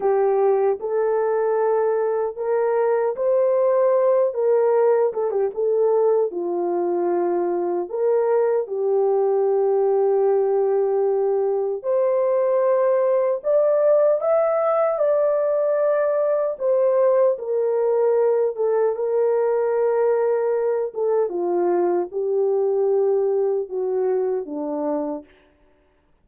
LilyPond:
\new Staff \with { instrumentName = "horn" } { \time 4/4 \tempo 4 = 76 g'4 a'2 ais'4 | c''4. ais'4 a'16 g'16 a'4 | f'2 ais'4 g'4~ | g'2. c''4~ |
c''4 d''4 e''4 d''4~ | d''4 c''4 ais'4. a'8 | ais'2~ ais'8 a'8 f'4 | g'2 fis'4 d'4 | }